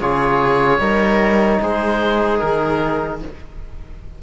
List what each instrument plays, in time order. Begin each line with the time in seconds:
0.00 cello C#3, trombone F4, viola G#4, oboe C#5
0.79 cello G3, trombone D#4, viola A#4
1.61 cello G#3, viola G#4, oboe C5
2.39 cello D#3, oboe A#4